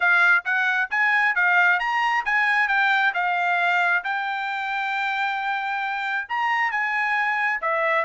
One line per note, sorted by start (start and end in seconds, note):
0.00 0.44 F5
0.44 0.89 F#5
0.90 1.35 G#5
1.35 1.79 F5
1.79 2.24 A#5
2.25 2.67 G#5
2.67 3.12 G5
3.14 4.03 F5
4.04 6.27 G5
6.28 6.71 A#5
6.71 7.60 G#5
7.61 8.04 E5